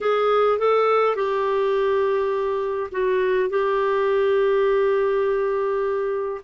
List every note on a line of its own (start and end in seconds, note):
0.01 0.58 G#4
0.58 1.15 A4
1.15 2.90 G4
2.91 3.50 F#4
3.50 6.41 G4